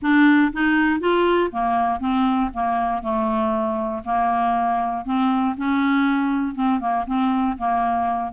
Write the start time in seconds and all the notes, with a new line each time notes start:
0.01 D4
0.52 D#4
1.00 F4
1.51 A#3
2.00 C4
2.53 A#3
3.02 A3
4.04 A#3
5.05 C4
5.57 C#4
6.54 C4
6.79 A#3
7.06 C4
7.58 A#3